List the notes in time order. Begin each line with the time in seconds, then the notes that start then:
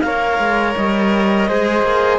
0.00 A#3 A#4 C#5 F5
0.38 G#3
0.76 G3 D#5
1.48 G#3 G#4 C5
1.82 A#3